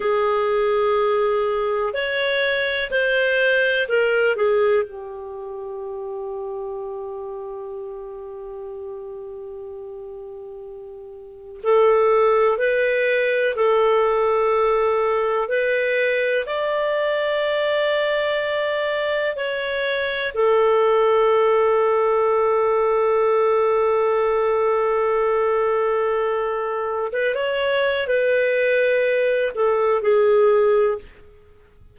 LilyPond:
\new Staff \with { instrumentName = "clarinet" } { \time 4/4 \tempo 4 = 62 gis'2 cis''4 c''4 | ais'8 gis'8 g'2.~ | g'1 | a'4 b'4 a'2 |
b'4 d''2. | cis''4 a'2.~ | a'1 | b'16 cis''8. b'4. a'8 gis'4 | }